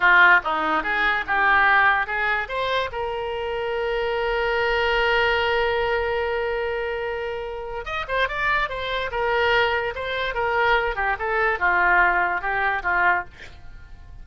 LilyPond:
\new Staff \with { instrumentName = "oboe" } { \time 4/4 \tempo 4 = 145 f'4 dis'4 gis'4 g'4~ | g'4 gis'4 c''4 ais'4~ | ais'1~ | ais'1~ |
ais'2. dis''8 c''8 | d''4 c''4 ais'2 | c''4 ais'4. g'8 a'4 | f'2 g'4 f'4 | }